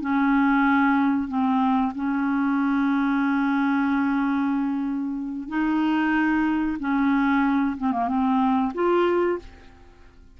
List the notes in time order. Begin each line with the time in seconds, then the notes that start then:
0.00 C#4
1.28 C4
1.95 C#4
5.48 D#4
6.79 C#4
7.77 C4
7.92 A#3
8.08 C4
8.74 F4